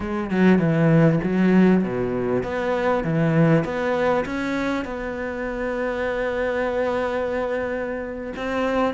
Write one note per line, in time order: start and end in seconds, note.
0.00 0.30 G#3
0.30 0.58 F#3
0.58 1.19 E3
1.23 1.83 F#3
1.83 2.43 B2
2.43 3.04 B3
3.04 3.64 E3
3.64 4.25 B3
4.25 4.85 C#4
4.85 8.33 B3
8.36 8.94 C4